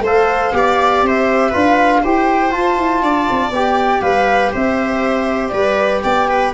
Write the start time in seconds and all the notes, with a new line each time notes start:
0.00 A3 C5 F5
0.06 A4
0.52 B3 G4 D5
1.02 C4 C5 E5
1.49 F4 B4 F5
1.55 D4
2.03 E4 G4 C5 G5
2.51 F4 A5
2.78 E4
3.02 D4 D5
3.31 C4
3.50 B3 G4 G5
4.02 G3 B4 F5
4.53 C4 C5 E5
5.49 G3 B4 D5
6.03 B3 D5 G5
6.29 B4